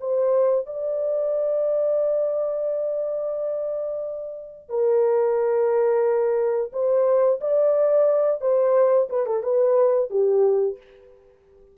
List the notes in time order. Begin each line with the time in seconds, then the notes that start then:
0.00 C5
0.66 D5
4.69 A#4
6.73 C5
7.41 D5
8.41 C5
9.09 B4
9.26 A4
9.43 B4
10.10 G4